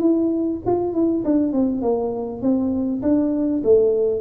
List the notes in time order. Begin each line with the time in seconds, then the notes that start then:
0.00 E4
0.67 F4
0.94 E4
1.25 D4
1.53 C4
1.82 A#3
2.42 C4
3.02 D4
3.64 A3